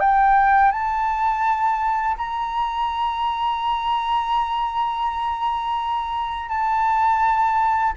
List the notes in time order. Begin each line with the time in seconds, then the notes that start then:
0.00 G5
0.72 A5
2.17 A#5
6.49 A5